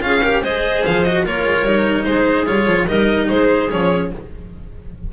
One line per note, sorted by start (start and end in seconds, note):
0.00 0.42 C#4
0.00 0.20 F4
0.00 0.22 G#4
0.00 0.42 F5
0.22 0.43 G4
0.22 0.42 A#4
0.42 0.83 G#3
0.42 1.05 G#4
0.42 1.24 C5
0.42 0.84 D#5
0.85 1.25 F3
0.85 1.03 F5
1.03 1.25 F#4
1.03 1.24 D#5
1.24 1.44 A#3
1.24 1.66 F4
1.24 2.06 A#4
1.24 2.04 C#5
1.44 1.62 G#3
1.62 2.03 G3
1.62 2.46 D#4
2.04 2.47 G#3
2.04 2.86 G#4
2.04 2.45 C5
2.46 2.67 G3
2.46 2.86 F4
2.46 2.87 C#5
2.67 2.87 F3
2.86 3.29 G3
2.86 3.69 D#4
2.86 3.27 A#4
2.86 3.29 D#5
3.29 3.72 G#3
3.29 4.12 G#4
3.29 3.70 C5
3.70 4.12 F3
3.70 4.11 C#4
3.70 4.12 C#5